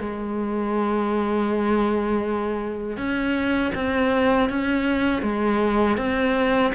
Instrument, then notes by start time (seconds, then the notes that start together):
cello
0.00 G#3
2.97 C#4
3.75 C4
4.50 C#4
5.23 G#3
5.98 C4